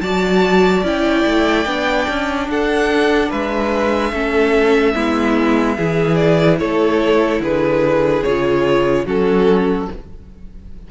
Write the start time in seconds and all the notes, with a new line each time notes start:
0.00 F#3 F#4 D5 A5
0.83 C#4 E4 G5
1.25 A3
1.65 B3 D4
2.08 C#4
2.48 D4 A4 F#5
3.29 G#3 B4 E5
4.11 A3 C#4 A4
4.94 G#3 B3 E4
5.77 E3 E4 G#4
6.15 D5
6.59 A3 A4 C#5
7.40 D3 G#4 B4
8.23 C#3 F4 C#5
9.05 F#3 C#4 F#4 A4